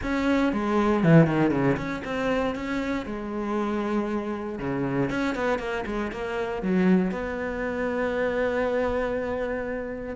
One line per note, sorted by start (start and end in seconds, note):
0.03 0.52 C#4
0.52 1.03 G#3
1.03 1.26 E3
1.26 1.50 D#3
1.50 1.76 C#3
1.76 2.02 C#4
2.04 2.55 C4
2.55 3.06 C#4
3.06 4.58 G#3
4.59 5.09 C#3
5.10 5.35 C#4
5.35 5.59 B3
5.59 5.84 A#3
5.86 6.11 G#3
6.11 6.62 A#3
6.62 7.11 F#3
7.11 10.15 B3